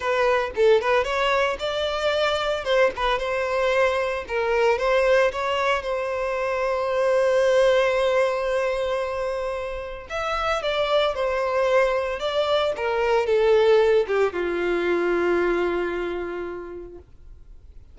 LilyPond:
\new Staff \with { instrumentName = "violin" } { \time 4/4 \tempo 4 = 113 b'4 a'8 b'8 cis''4 d''4~ | d''4 c''8 b'8 c''2 | ais'4 c''4 cis''4 c''4~ | c''1~ |
c''2. e''4 | d''4 c''2 d''4 | ais'4 a'4. g'8 f'4~ | f'1 | }